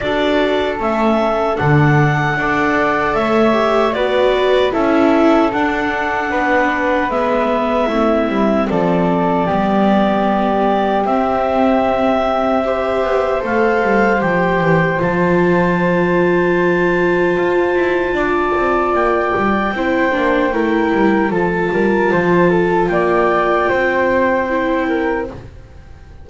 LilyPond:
<<
  \new Staff \with { instrumentName = "clarinet" } { \time 4/4 \tempo 4 = 76 d''4 e''4 fis''2 | e''4 d''4 e''4 fis''4~ | fis''4 e''2 d''4~ | d''2 e''2~ |
e''4 f''4 g''4 a''4~ | a''1 | g''2. a''4~ | a''4 g''2. | }
  \new Staff \with { instrumentName = "flute" } { \time 4/4 a'2. d''4 | cis''4 b'4 a'2 | b'2 e'4 a'4 | g'1 |
c''1~ | c''2. d''4~ | d''4 c''4 ais'4 a'8 ais'8 | c''8 a'8 d''4 c''4. ais'8 | }
  \new Staff \with { instrumentName = "viola" } { \time 4/4 fis'4 cis'4 d'4 a'4~ | a'8 g'8 fis'4 e'4 d'4~ | d'4 b4 c'2 | b2 c'2 |
g'4 a'4 g'4 f'4~ | f'1~ | f'4 e'8 d'8 e'4 f'4~ | f'2. e'4 | }
  \new Staff \with { instrumentName = "double bass" } { \time 4/4 d'4 a4 d4 d'4 | a4 b4 cis'4 d'4 | b4 gis4 a8 g8 f4 | g2 c'2~ |
c'8 b8 a8 g8 f8 e8 f4~ | f2 f'8 e'8 d'8 c'8 | ais8 g8 c'8 ais8 a8 g8 f8 g8 | f4 ais4 c'2 | }
>>